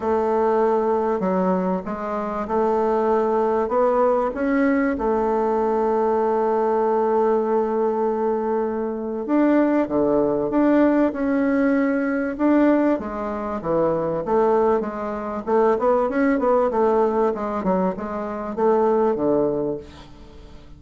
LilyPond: \new Staff \with { instrumentName = "bassoon" } { \time 4/4 \tempo 4 = 97 a2 fis4 gis4 | a2 b4 cis'4 | a1~ | a2. d'4 |
d4 d'4 cis'2 | d'4 gis4 e4 a4 | gis4 a8 b8 cis'8 b8 a4 | gis8 fis8 gis4 a4 d4 | }